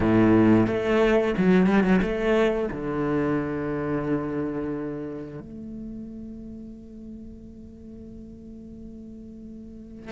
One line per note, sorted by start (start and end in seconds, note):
0.00 0.66 A2
0.66 1.34 A3
1.37 1.67 F#3
1.67 1.83 G3
1.83 2.00 F#3
2.02 2.69 A3
2.71 5.39 D3
5.39 10.11 A3